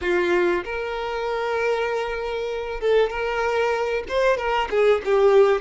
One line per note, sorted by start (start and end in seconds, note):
0.01 0.63 F4
0.64 2.80 A#4
2.80 3.10 A4
3.10 4.03 A#4
4.08 4.37 C5
4.37 4.68 A#4
4.70 5.01 G#4
5.04 5.61 G4